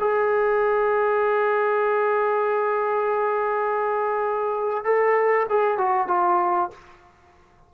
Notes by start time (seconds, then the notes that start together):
0.00 G#4
4.84 A4
5.49 G#4
5.78 F#4
6.08 F4